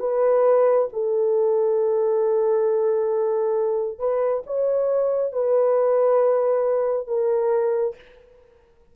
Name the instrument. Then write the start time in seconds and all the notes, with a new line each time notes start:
horn
0.00 B4
0.93 A4
3.99 B4
4.47 C#5
5.33 B4
7.07 A#4